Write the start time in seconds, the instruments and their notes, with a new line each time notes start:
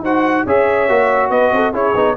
0.00 tuba D#4, trombone F#4, horn C5, trumpet F#5
0.45 tuba C#4, trombone G#4, horn C#5, trumpet E5
0.88 tuba A#3, trombone F#4
1.29 tuba B3, horn B4, trumpet D#5
1.51 tuba C4, horn A4
1.72 tuba C#4, trombone E4, horn G#4, trumpet C#5
1.94 tuba B3, trombone D#4